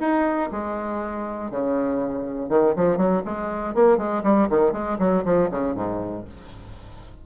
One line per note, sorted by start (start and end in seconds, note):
0.00 0.50 D#4
0.51 1.51 G#3
1.51 2.49 C#3
2.49 2.74 D#3
2.76 2.97 F3
2.97 3.22 F#3
3.25 3.74 G#3
3.74 3.97 A#3
3.97 4.22 G#3
4.23 4.48 G3
4.50 4.72 D#3
4.72 4.97 G#3
4.99 5.24 F#3
5.25 5.50 F3
5.51 5.75 C#3
5.75 6.25 G#2